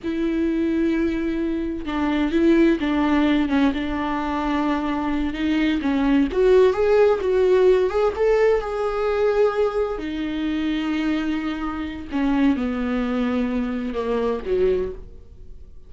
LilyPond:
\new Staff \with { instrumentName = "viola" } { \time 4/4 \tempo 4 = 129 e'1 | d'4 e'4 d'4. cis'8 | d'2.~ d'8 dis'8~ | dis'8 cis'4 fis'4 gis'4 fis'8~ |
fis'4 gis'8 a'4 gis'4.~ | gis'4. dis'2~ dis'8~ | dis'2 cis'4 b4~ | b2 ais4 fis4 | }